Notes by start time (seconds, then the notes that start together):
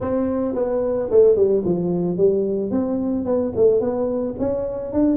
0.00 C4
0.55 B3
1.10 A3
1.35 G3
1.65 F3
2.17 G3
2.70 C4
3.25 B3
3.56 A3
3.80 B3
4.39 C#4
4.92 D4